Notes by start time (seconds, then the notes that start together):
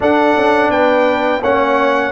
0.00 D4 A4 F#5
0.36 C#4
0.69 B3 B4 G5
1.41 A#3 C#4 C#5 F#5